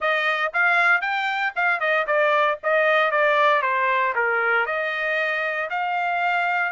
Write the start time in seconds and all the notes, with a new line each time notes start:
0.00 D#5
0.53 F5
1.01 G5
1.55 F5
1.80 D#5
2.06 D5
2.63 D#5
3.11 D5
3.62 C5
4.15 A#4
4.66 D#5
5.70 F5